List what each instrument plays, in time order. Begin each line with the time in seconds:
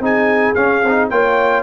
0.00 tuba C4, trombone D#4, horn G#4, trumpet G#5
0.55 tuba C#4, trombone C#4, trumpet F5
0.83 tuba C4, trombone D#4
1.10 tuba A#3, trombone F4, horn C#5, trumpet G5